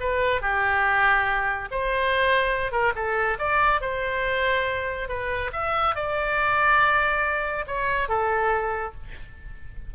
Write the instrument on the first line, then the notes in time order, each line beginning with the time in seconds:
oboe
0.00 B4
0.41 G4
1.71 C5
2.72 A#4
2.95 A4
3.38 D5
3.81 C5
5.08 B4
5.52 E5
5.95 D5
7.67 C#5
8.08 A4